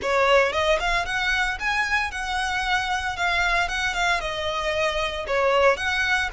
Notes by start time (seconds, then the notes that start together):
0.02 C#5
0.52 D#5
0.79 F5
1.05 F#5
1.59 G#5
2.11 F#5
3.16 F5
3.68 F#5
3.94 F5
4.20 D#5
5.27 C#5
5.76 F#5